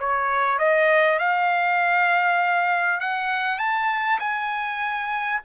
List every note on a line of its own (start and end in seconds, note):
0.00 0.59 C#5
0.59 1.19 D#5
1.19 3.00 F5
3.00 3.59 F#5
3.59 4.20 A5
4.20 5.41 G#5